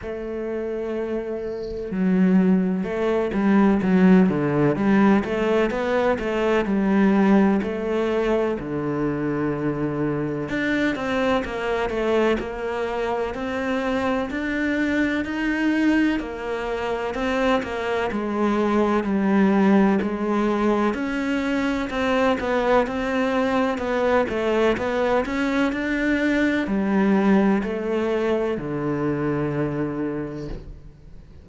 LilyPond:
\new Staff \with { instrumentName = "cello" } { \time 4/4 \tempo 4 = 63 a2 fis4 a8 g8 | fis8 d8 g8 a8 b8 a8 g4 | a4 d2 d'8 c'8 | ais8 a8 ais4 c'4 d'4 |
dis'4 ais4 c'8 ais8 gis4 | g4 gis4 cis'4 c'8 b8 | c'4 b8 a8 b8 cis'8 d'4 | g4 a4 d2 | }